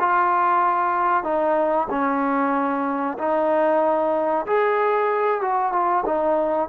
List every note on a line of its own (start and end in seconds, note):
0.00 1.24 F4
1.24 1.88 D#4
1.90 3.18 C#4
3.19 4.46 D#4
4.47 5.42 G#4
5.42 5.72 F#4
5.72 6.04 F4
6.06 6.69 D#4